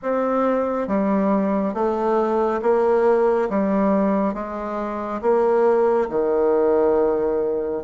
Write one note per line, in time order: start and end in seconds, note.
0.02 0.87 C4
0.87 1.74 G3
1.74 2.60 A3
2.62 3.49 A#3
3.49 4.34 G3
4.34 5.21 G#3
5.21 6.08 A#3
6.09 7.83 D#3